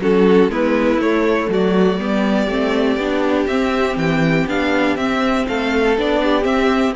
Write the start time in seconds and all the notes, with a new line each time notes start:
0.00 F#3 C#4 F#4 A4
0.48 G#3 B3 E4 B4
0.97 A3 C#5
1.49 F#3 F#4 D5
1.98 G3 B3 G4
2.48 A3 C4
2.97 B3 D4
3.47 C4 E5
3.96 E3 G5
4.47 B3 D4 F5
4.96 C4 E5
5.48 A3 A4 F5
5.97 B3 D4 D5
6.22 G4
6.42 C4 E5